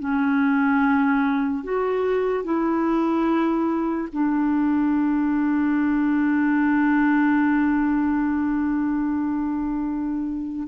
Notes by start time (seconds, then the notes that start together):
0.00 C#4
1.64 F#4
2.44 E4
4.13 D4